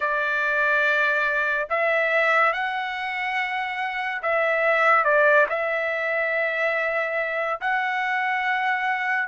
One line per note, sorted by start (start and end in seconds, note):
0.00 1.67 D5
1.69 2.52 E5
2.52 4.21 F#5
4.22 5.04 E5
5.04 5.46 D5
5.49 7.60 E5
7.61 9.28 F#5